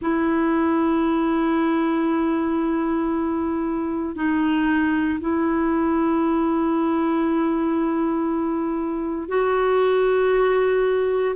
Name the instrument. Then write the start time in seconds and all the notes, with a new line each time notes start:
clarinet
0.01 E4
4.15 D#4
5.20 E4
9.28 F#4